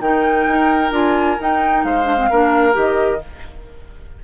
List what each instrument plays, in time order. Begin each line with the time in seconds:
0.00 bassoon D#3, clarinet D#4, oboe A#4, flute G5
0.47 bassoon D#4
0.91 bassoon D4, clarinet F4, flute G#5
1.40 clarinet D#4, bassoon D#4, flute G5
1.84 bassoon G#3, oboe C5, flute F5
2.04 clarinet D4
2.17 clarinet C4
2.30 bassoon A#3, clarinet D4, oboe A#4
2.73 bassoon D#3, clarinet G4
2.79 flute D#5